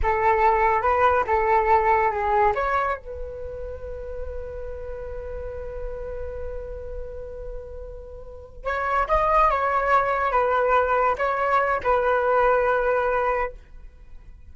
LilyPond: \new Staff \with { instrumentName = "flute" } { \time 4/4 \tempo 4 = 142 a'2 b'4 a'4~ | a'4 gis'4 cis''4 b'4~ | b'1~ | b'1~ |
b'1~ | b'8 cis''4 dis''4 cis''4.~ | cis''8 b'2 cis''4. | b'1 | }